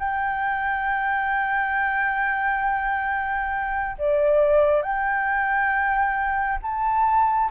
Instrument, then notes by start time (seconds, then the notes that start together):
flute
0.00 G5
3.99 D5
4.82 G5
6.63 A5